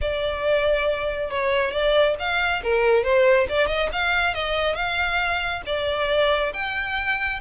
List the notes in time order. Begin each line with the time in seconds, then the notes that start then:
0.01 D5
1.30 C#5
1.71 D5
2.19 F5
2.63 A#4
3.03 C5
3.49 D5
3.67 D#5
3.92 F5
4.34 D#5
4.75 F5
5.66 D5
6.53 G5